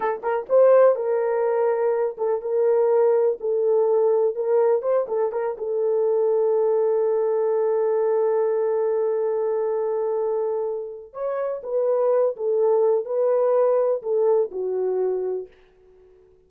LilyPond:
\new Staff \with { instrumentName = "horn" } { \time 4/4 \tempo 4 = 124 a'8 ais'8 c''4 ais'2~ | ais'8 a'8 ais'2 a'4~ | a'4 ais'4 c''8 a'8 ais'8 a'8~ | a'1~ |
a'1~ | a'2. cis''4 | b'4. a'4. b'4~ | b'4 a'4 fis'2 | }